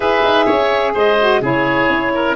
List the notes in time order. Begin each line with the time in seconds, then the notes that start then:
0.00 E4 G#4 B4 E5
0.24 D#4
0.45 C#4 C#5
0.94 G#3 C5 D#5
1.19 F#4
1.41 C#3 E4 G#4 C#5
1.88 C#4
2.14 A#4